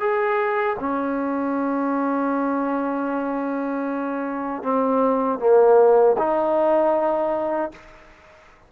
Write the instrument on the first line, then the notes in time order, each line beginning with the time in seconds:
trombone
0.00 G#4
0.79 C#4
4.63 C4
5.39 A#3
6.18 D#4